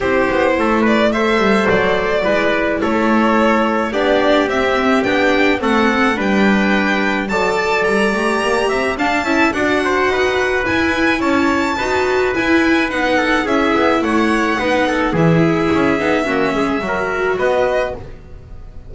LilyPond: <<
  \new Staff \with { instrumentName = "violin" } { \time 4/4 \tempo 4 = 107 c''4. d''8 e''4 d''4~ | d''4 cis''2 d''4 | e''4 g''4 fis''4 g''4~ | g''4 a''4 ais''2 |
a''4 fis''2 gis''4 | a''2 gis''4 fis''4 | e''4 fis''2 e''4~ | e''2. dis''4 | }
  \new Staff \with { instrumentName = "trumpet" } { \time 4/4 g'4 a'8 b'8 c''2 | b'4 a'2 g'4~ | g'2 a'4 b'4~ | b'4 d''2~ d''8 e''8 |
f''8 e''8 d''8 c''8 b'2 | cis''4 b'2~ b'8 a'8 | gis'4 cis''4 b'8 a'8 gis'4~ | gis'4 fis'8 gis'8 ais'4 b'4 | }
  \new Staff \with { instrumentName = "viola" } { \time 4/4 e'2 a'2 | e'2. d'4 | c'4 d'4 c'4 d'4~ | d'4 a'4. g'4. |
d'8 e'8 fis'2 e'4~ | e'4 fis'4 e'4 dis'4 | e'2 dis'4 e'4~ | e'8 dis'8 cis'4 fis'2 | }
  \new Staff \with { instrumentName = "double bass" } { \time 4/4 c'8 b8 a4. g8 fis4 | gis4 a2 b4 | c'4 b4 a4 g4~ | g4 fis4 g8 a8 ais8 c'8 |
d'8 cis'8 d'4 dis'4 e'4 | cis'4 dis'4 e'4 b4 | cis'8 b8 a4 b4 e4 | cis'8 b8 ais8 gis8 fis4 b4 | }
>>